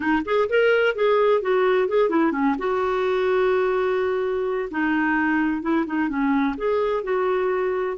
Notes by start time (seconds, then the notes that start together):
0.00 D#4
0.25 G#4
0.49 A#4
0.95 G#4
1.41 F#4
1.88 G#4
2.09 E4
2.32 C#4
2.58 F#4
4.70 D#4
5.61 E4
5.86 D#4
6.08 C#4
6.57 G#4
7.03 F#4